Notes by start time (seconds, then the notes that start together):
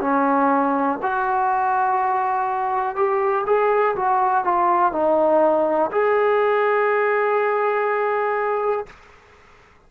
0.00 C#4
1.02 F#4
2.96 G4
3.46 G#4
3.95 F#4
4.44 F4
4.92 D#4
5.91 G#4